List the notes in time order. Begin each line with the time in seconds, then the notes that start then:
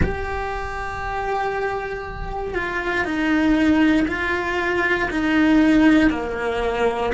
0.02 G4
2.54 F4
3.04 D#4
4.07 F4
5.10 D#4
6.10 A#3